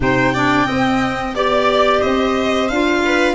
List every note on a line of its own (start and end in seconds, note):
0.00 0.67 C3
0.00 0.33 D#4
0.00 0.34 C5
0.00 1.34 G5
0.34 0.65 D4
0.34 0.66 D5
0.65 1.33 C4
0.65 1.35 C4
0.65 1.34 D#5
1.34 2.02 B3
1.34 2.70 G4
1.34 2.01 D5
1.34 1.99 D5
1.99 2.70 C4
1.99 3.00 C5
1.99 2.68 D#5
2.68 3.34 D4
2.68 3.34 F4
2.68 3.34 F5
3.05 3.34 B4